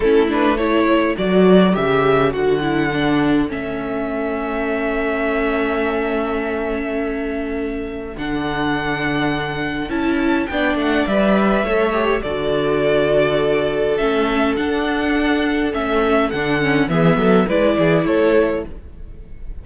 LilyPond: <<
  \new Staff \with { instrumentName = "violin" } { \time 4/4 \tempo 4 = 103 a'8 b'8 cis''4 d''4 e''4 | fis''2 e''2~ | e''1~ | e''2 fis''2~ |
fis''4 a''4 g''8 fis''8 e''4~ | e''4 d''2. | e''4 fis''2 e''4 | fis''4 e''4 d''4 cis''4 | }
  \new Staff \with { instrumentName = "violin" } { \time 4/4 e'4 a'2.~ | a'1~ | a'1~ | a'1~ |
a'2 d''2 | cis''4 a'2.~ | a'1~ | a'4 gis'8 a'8 b'8 gis'8 a'4 | }
  \new Staff \with { instrumentName = "viola" } { \time 4/4 cis'8 d'8 e'4 fis'4 g'4 | fis'8 e'8 d'4 cis'2~ | cis'1~ | cis'2 d'2~ |
d'4 e'4 d'4 b'4 | a'8 g'8 fis'2. | cis'4 d'2 cis'4 | d'8 cis'8 b4 e'2 | }
  \new Staff \with { instrumentName = "cello" } { \time 4/4 a2 fis4 cis4 | d2 a2~ | a1~ | a2 d2~ |
d4 cis'4 b8 a8 g4 | a4 d2. | a4 d'2 a4 | d4 e8 fis8 gis8 e8 a4 | }
>>